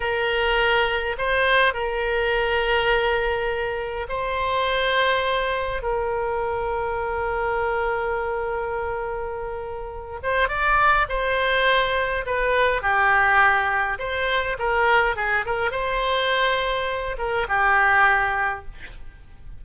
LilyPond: \new Staff \with { instrumentName = "oboe" } { \time 4/4 \tempo 4 = 103 ais'2 c''4 ais'4~ | ais'2. c''4~ | c''2 ais'2~ | ais'1~ |
ais'4. c''8 d''4 c''4~ | c''4 b'4 g'2 | c''4 ais'4 gis'8 ais'8 c''4~ | c''4. ais'8 g'2 | }